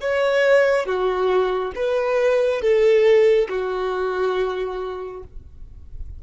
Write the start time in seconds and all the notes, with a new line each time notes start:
0.00 C#5
0.85 F#4
1.75 B4
2.61 A4
3.49 F#4